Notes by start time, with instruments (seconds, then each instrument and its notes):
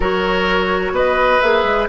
0.00 bassoon F#3, clarinet F#4, oboe A#4, flute C#5
0.91 bassoon B3, oboe B4, flute D#5
1.40 bassoon A#3, clarinet G#4, flute E5
1.63 bassoon G#3